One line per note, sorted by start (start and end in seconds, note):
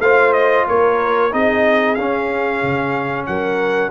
0.00 0.65 A3
0.00 1.31 F4
0.00 0.67 C5
0.00 0.33 F5
0.33 0.65 D#5
0.67 1.34 A#3
0.67 1.33 A#4
0.67 1.33 C#5
1.31 1.98 C4
1.31 1.97 D#4
1.31 3.28 G#4
1.31 1.95 D#5
1.95 2.63 C#4
1.95 3.91 C#4
1.95 3.25 F5
2.63 3.28 C#3
3.26 3.91 F#3
3.26 3.91 A#4
3.26 3.91 F#5